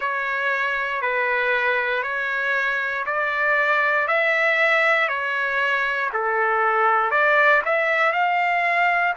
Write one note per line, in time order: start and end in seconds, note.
0.00 1.01 C#5
1.01 2.02 B4
2.02 3.04 C#5
3.06 4.07 D5
4.07 5.08 E5
5.08 6.10 C#5
6.12 7.10 A4
7.10 7.61 D5
7.65 8.12 E5
8.12 9.14 F5